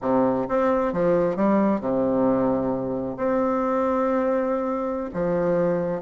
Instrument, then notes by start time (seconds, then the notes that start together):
bassoon
0.01 C3
0.48 C4
0.92 F3
1.35 G3
1.80 C3
3.17 C4
5.13 F3